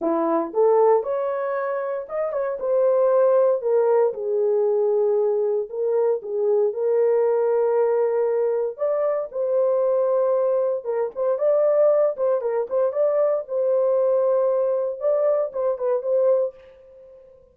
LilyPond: \new Staff \with { instrumentName = "horn" } { \time 4/4 \tempo 4 = 116 e'4 a'4 cis''2 | dis''8 cis''8 c''2 ais'4 | gis'2. ais'4 | gis'4 ais'2.~ |
ais'4 d''4 c''2~ | c''4 ais'8 c''8 d''4. c''8 | ais'8 c''8 d''4 c''2~ | c''4 d''4 c''8 b'8 c''4 | }